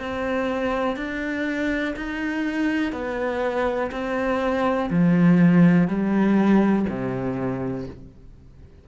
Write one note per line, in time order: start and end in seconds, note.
0.00 0.97 C4
0.97 1.95 D4
1.96 2.92 D#4
2.92 3.91 B3
3.92 4.90 C4
4.90 5.88 F3
5.88 6.86 G3
6.89 7.88 C3